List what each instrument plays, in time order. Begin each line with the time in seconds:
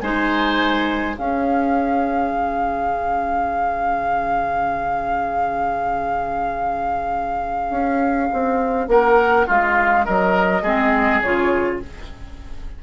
0.00 bassoon G#3, clarinet D#4, oboe C5, flute G#5
1.16 clarinet C#4, bassoon C#4, oboe G#4, flute F5
2.33 bassoon C#3
7.70 bassoon C#4
8.33 bassoon C4
8.88 bassoon A#3, oboe A#4, flute F#5
9.47 bassoon G#3, oboe F4, flute F5
10.05 bassoon F#3, oboe A#4, flute D#5
10.62 bassoon G#3, clarinet C4, oboe G#4
11.21 bassoon C#3, clarinet F4, flute C#5